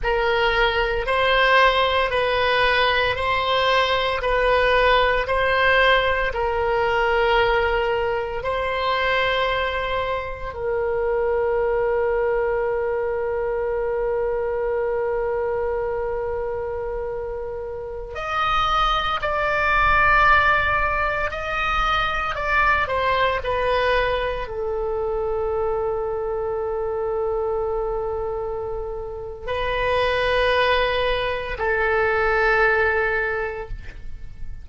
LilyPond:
\new Staff \with { instrumentName = "oboe" } { \time 4/4 \tempo 4 = 57 ais'4 c''4 b'4 c''4 | b'4 c''4 ais'2 | c''2 ais'2~ | ais'1~ |
ais'4~ ais'16 dis''4 d''4.~ d''16~ | d''16 dis''4 d''8 c''8 b'4 a'8.~ | a'1 | b'2 a'2 | }